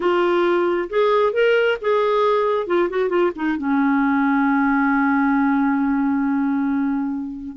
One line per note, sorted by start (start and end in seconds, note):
0.00 0.88 F4
0.89 1.33 G#4
1.33 1.77 A#4
1.81 2.66 G#4
2.66 2.88 F4
2.89 3.09 F#4
3.09 3.31 F4
3.35 3.57 D#4
3.57 7.56 C#4